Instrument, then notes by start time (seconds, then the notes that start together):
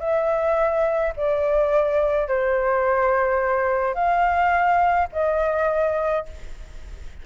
flute
0.00 E5
1.17 D5
2.28 C5
3.95 F5
5.13 D#5